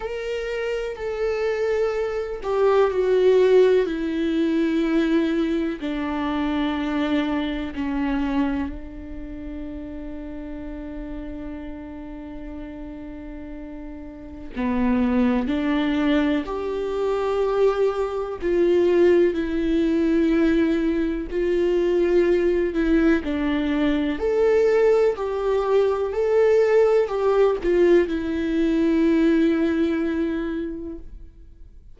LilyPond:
\new Staff \with { instrumentName = "viola" } { \time 4/4 \tempo 4 = 62 ais'4 a'4. g'8 fis'4 | e'2 d'2 | cis'4 d'2.~ | d'2. b4 |
d'4 g'2 f'4 | e'2 f'4. e'8 | d'4 a'4 g'4 a'4 | g'8 f'8 e'2. | }